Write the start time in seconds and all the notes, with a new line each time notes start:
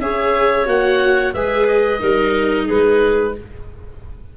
0.00 C#4 G#4 C#5 E5
0.65 A#3 F#4 F#5
1.33 G#3 G#4 B4 E5
1.67 D#5
1.99 G3 D#4 A#4
2.65 G#3 G#4 B4